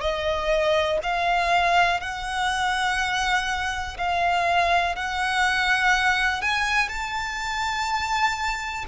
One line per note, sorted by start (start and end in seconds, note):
0.00 0.98 D#5
1.03 2.00 F5
2.00 3.97 F#5
3.97 4.95 F5
4.95 6.42 F#5
6.42 6.88 G#5
6.88 8.85 A5